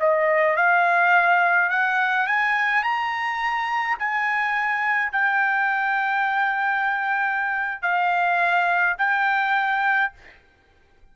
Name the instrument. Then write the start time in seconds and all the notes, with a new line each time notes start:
trumpet
0.00 D#5
0.57 F5
1.70 F#5
2.27 G#5
2.84 A#5
3.99 G#5
5.12 G5
7.83 F5
8.99 G5